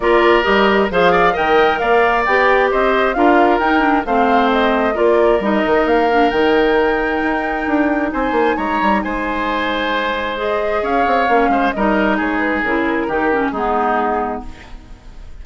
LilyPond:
<<
  \new Staff \with { instrumentName = "flute" } { \time 4/4 \tempo 4 = 133 d''4 dis''4 f''4 g''4 | f''4 g''4 dis''4 f''4 | g''4 f''4 dis''4 d''4 | dis''4 f''4 g''2~ |
g''2 gis''4 ais''4 | gis''2. dis''4 | f''2 dis''4 cis''8 b'8 | ais'2 gis'2 | }
  \new Staff \with { instrumentName = "oboe" } { \time 4/4 ais'2 c''8 d''8 dis''4 | d''2 c''4 ais'4~ | ais'4 c''2 ais'4~ | ais'1~ |
ais'2 c''4 cis''4 | c''1 | cis''4. c''8 ais'4 gis'4~ | gis'4 g'4 dis'2 | }
  \new Staff \with { instrumentName = "clarinet" } { \time 4/4 f'4 g'4 gis'4 ais'4~ | ais'4 g'2 f'4 | dis'8 d'8 c'2 f'4 | dis'4. d'8 dis'2~ |
dis'1~ | dis'2. gis'4~ | gis'4 cis'4 dis'2 | e'4 dis'8 cis'8 b2 | }
  \new Staff \with { instrumentName = "bassoon" } { \time 4/4 ais4 g4 f4 dis4 | ais4 b4 c'4 d'4 | dis'4 a2 ais4 | g8 dis8 ais4 dis2 |
dis'4 d'4 c'8 ais8 gis8 g8 | gis1 | cis'8 c'8 ais8 gis8 g4 gis4 | cis4 dis4 gis2 | }
>>